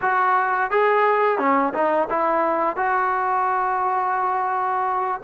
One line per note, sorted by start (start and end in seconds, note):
0.01 0.70 F#4
0.70 1.38 G#4
1.38 1.73 C#4
1.73 2.08 D#4
2.09 2.76 E4
2.76 5.20 F#4